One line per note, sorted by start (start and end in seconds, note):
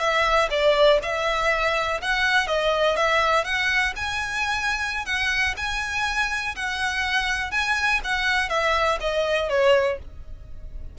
0.00 0.49 E5
0.51 1.00 D5
1.03 2.01 E5
2.02 2.47 F#5
2.47 2.97 D#5
2.97 3.45 E5
3.45 3.94 F#5
3.96 5.06 G#5
5.06 5.55 F#5
5.57 6.56 G#5
6.56 7.52 F#5
7.52 8.01 G#5
8.05 8.50 F#5
8.50 8.99 E5
9.01 9.50 D#5
9.50 9.99 C#5